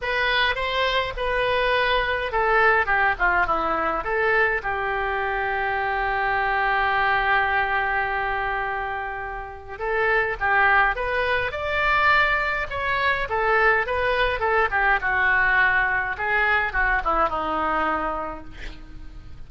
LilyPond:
\new Staff \with { instrumentName = "oboe" } { \time 4/4 \tempo 4 = 104 b'4 c''4 b'2 | a'4 g'8 f'8 e'4 a'4 | g'1~ | g'1~ |
g'4 a'4 g'4 b'4 | d''2 cis''4 a'4 | b'4 a'8 g'8 fis'2 | gis'4 fis'8 e'8 dis'2 | }